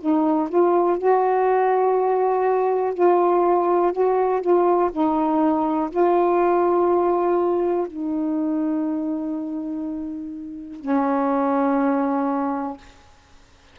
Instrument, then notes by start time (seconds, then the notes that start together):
saxophone
0.00 D#4
0.49 F4
0.98 F#4
2.94 F4
3.93 F#4
4.41 F4
4.91 D#4
5.90 F4
7.87 D#4
10.80 C#4